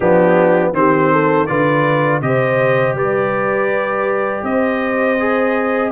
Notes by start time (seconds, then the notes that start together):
0.00 F3 B3 D4 G4
0.72 D#3 C4 G4 C5
1.12 A4
1.46 D3 F4 B4 D5
2.21 C3 G4 C5 D#5
2.93 G3 B4 D5
4.43 C4 C5 D#5
5.19 G#4